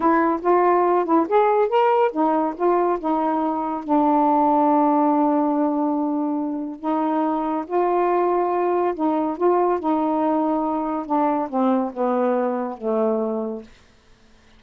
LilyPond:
\new Staff \with { instrumentName = "saxophone" } { \time 4/4 \tempo 4 = 141 e'4 f'4. e'8 gis'4 | ais'4 dis'4 f'4 dis'4~ | dis'4 d'2.~ | d'1 |
dis'2 f'2~ | f'4 dis'4 f'4 dis'4~ | dis'2 d'4 c'4 | b2 a2 | }